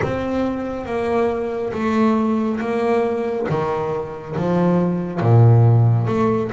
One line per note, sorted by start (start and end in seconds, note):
0.02 0.85 C4
0.85 1.72 A#3
1.72 2.59 A3
2.59 3.46 A#3
3.49 4.36 D#3
4.36 5.20 F3
5.20 6.07 A#2
6.07 6.50 A3